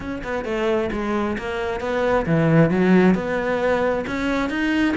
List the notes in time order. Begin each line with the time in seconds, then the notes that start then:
0.00 C#4
0.23 B3
0.44 A3
0.92 G#3
1.38 A#3
1.80 B3
2.26 E3
2.70 F#3
3.15 B3
4.07 C#4
4.49 D#4